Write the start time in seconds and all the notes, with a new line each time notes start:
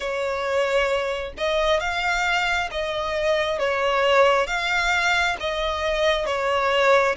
0.00 C#5
1.37 D#5
1.80 F5
2.71 D#5
3.58 C#5
4.47 F5
5.40 D#5
6.26 C#5